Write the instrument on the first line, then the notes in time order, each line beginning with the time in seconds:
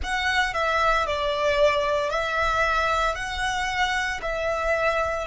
violin
0.03 F#5
0.53 E5
1.06 D5
2.10 E5
3.15 F#5
4.22 E5